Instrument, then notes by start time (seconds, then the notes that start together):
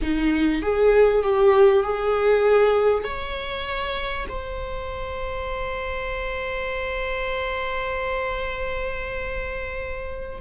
viola
0.01 D#4
0.62 G#4
1.22 G4
1.83 G#4
3.04 C#5
4.28 C5